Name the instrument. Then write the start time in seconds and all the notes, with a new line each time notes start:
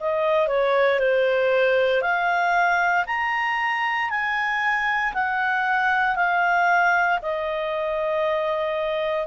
clarinet
0.00 D#5
0.47 C#5
0.99 C5
2.01 F5
3.07 A#5
4.10 G#5
5.14 F#5
6.16 F5
7.22 D#5